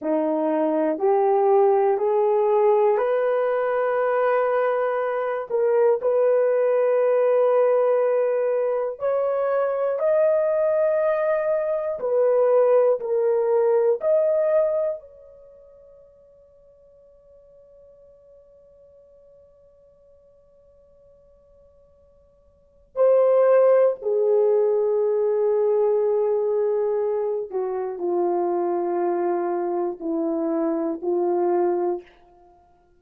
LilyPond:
\new Staff \with { instrumentName = "horn" } { \time 4/4 \tempo 4 = 60 dis'4 g'4 gis'4 b'4~ | b'4. ais'8 b'2~ | b'4 cis''4 dis''2 | b'4 ais'4 dis''4 cis''4~ |
cis''1~ | cis''2. c''4 | gis'2.~ gis'8 fis'8 | f'2 e'4 f'4 | }